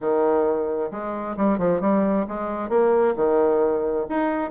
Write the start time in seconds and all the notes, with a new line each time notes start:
0.00 D#3
0.91 G#3
1.37 G3
1.58 F3
1.80 G3
2.28 G#3
2.69 A#3
3.16 D#3
4.09 D#4